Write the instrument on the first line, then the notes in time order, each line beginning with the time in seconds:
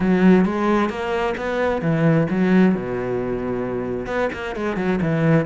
cello
0.00 F#3
0.45 G#3
0.89 A#3
1.37 B3
1.81 E3
2.30 F#3
2.74 B2
4.06 B3
4.32 A#3
4.55 G#3
4.76 F#3
5.01 E3